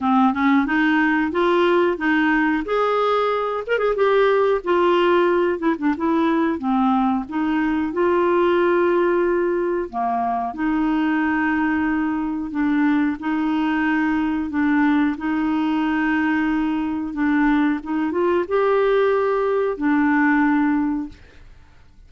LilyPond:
\new Staff \with { instrumentName = "clarinet" } { \time 4/4 \tempo 4 = 91 c'8 cis'8 dis'4 f'4 dis'4 | gis'4. ais'16 gis'16 g'4 f'4~ | f'8 e'16 d'16 e'4 c'4 dis'4 | f'2. ais4 |
dis'2. d'4 | dis'2 d'4 dis'4~ | dis'2 d'4 dis'8 f'8 | g'2 d'2 | }